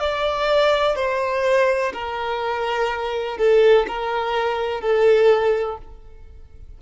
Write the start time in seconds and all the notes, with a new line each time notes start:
0.00 D5
0.95 C5
1.93 A#4
3.37 A4
3.88 A#4
4.81 A4